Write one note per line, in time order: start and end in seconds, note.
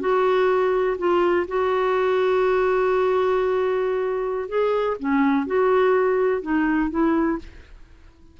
0.00 0.97 F#4
0.98 1.46 F4
1.48 4.48 F#4
4.48 4.97 G#4
4.99 5.46 C#4
5.46 6.41 F#4
6.41 6.90 D#4
6.90 7.38 E4